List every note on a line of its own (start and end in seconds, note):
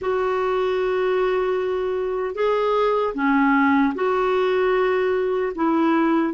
0.01 2.35 F#4
2.35 3.14 G#4
3.14 3.93 C#4
3.94 5.52 F#4
5.55 6.33 E4